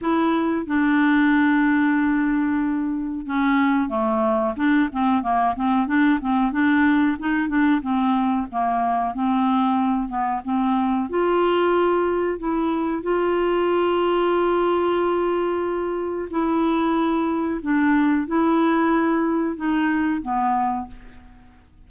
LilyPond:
\new Staff \with { instrumentName = "clarinet" } { \time 4/4 \tempo 4 = 92 e'4 d'2.~ | d'4 cis'4 a4 d'8 c'8 | ais8 c'8 d'8 c'8 d'4 dis'8 d'8 | c'4 ais4 c'4. b8 |
c'4 f'2 e'4 | f'1~ | f'4 e'2 d'4 | e'2 dis'4 b4 | }